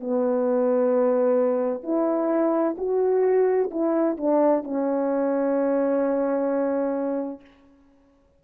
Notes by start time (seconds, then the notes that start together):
0.00 B3
1.83 E4
2.78 F#4
3.71 E4
4.17 D4
4.64 C#4